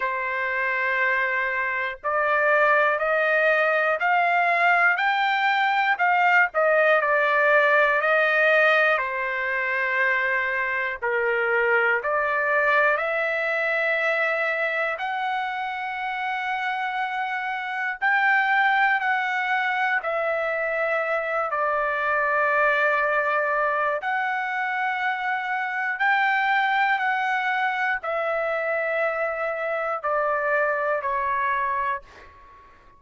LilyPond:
\new Staff \with { instrumentName = "trumpet" } { \time 4/4 \tempo 4 = 60 c''2 d''4 dis''4 | f''4 g''4 f''8 dis''8 d''4 | dis''4 c''2 ais'4 | d''4 e''2 fis''4~ |
fis''2 g''4 fis''4 | e''4. d''2~ d''8 | fis''2 g''4 fis''4 | e''2 d''4 cis''4 | }